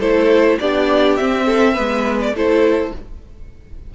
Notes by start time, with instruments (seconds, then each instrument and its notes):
0.00 cello A3, viola E4, violin A4 C5
0.60 cello B3, viola D4, violin G4 D5
1.17 viola C4, cello C4, violin E5
1.46 violin A4
1.74 cello G#3, viola B3, violin B4
2.21 violin D5
2.33 cello A3, viola E4, violin A4 C5